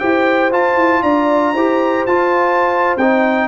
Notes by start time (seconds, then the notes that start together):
0.00 E4 G4 C5 G5
0.52 F4 A5
0.77 E4
1.03 D4 D5 A#5
1.54 E4 G4 C5
2.07 F4 A5
2.97 C4 D#4 G5